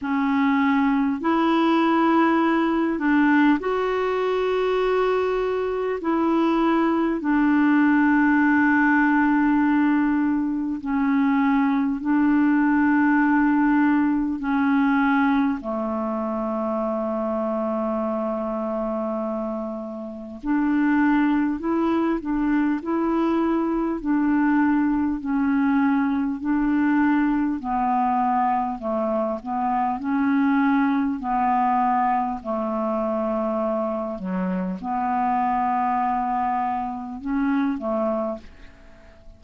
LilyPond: \new Staff \with { instrumentName = "clarinet" } { \time 4/4 \tempo 4 = 50 cis'4 e'4. d'8 fis'4~ | fis'4 e'4 d'2~ | d'4 cis'4 d'2 | cis'4 a2.~ |
a4 d'4 e'8 d'8 e'4 | d'4 cis'4 d'4 b4 | a8 b8 cis'4 b4 a4~ | a8 fis8 b2 cis'8 a8 | }